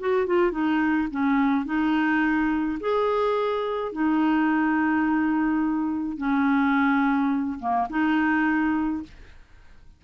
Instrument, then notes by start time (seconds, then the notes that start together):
clarinet
0.00 F#4
0.27 F4
0.51 D#4
1.11 C#4
1.66 D#4
2.80 G#4
3.92 D#4
6.18 C#4
7.59 A#3
7.90 D#4